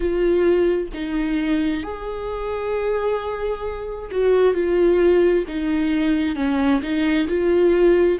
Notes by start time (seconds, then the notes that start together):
0.00 F4
0.93 D#4
1.83 G#4
4.11 F#4
4.54 F4
5.48 D#4
6.35 C#4
6.82 D#4
7.28 F4